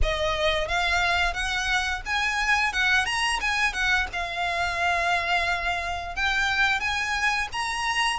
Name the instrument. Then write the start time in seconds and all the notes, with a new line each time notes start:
violin
0.02 D#5
0.68 F5
1.33 F#5
2.05 G#5
2.72 F#5
3.05 A#5
3.40 G#5
3.73 F#5
4.12 F5
6.15 G5
6.80 G#5
7.52 A#5